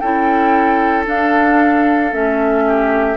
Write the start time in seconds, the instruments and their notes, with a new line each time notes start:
0.00 bassoon C#4, clarinet E4, oboe A4, flute G5
1.06 clarinet D4, bassoon D4, flute F5
2.12 bassoon A3, clarinet C#4, flute E5
2.68 oboe G4